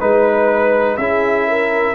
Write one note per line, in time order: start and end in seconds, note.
0.00 0.98 G#3
0.00 0.99 D#4
0.00 0.98 B4
0.00 0.97 B4
0.97 1.95 C#4
0.97 1.95 E4
0.97 1.47 G#4
0.97 1.95 E5
1.47 1.95 A#4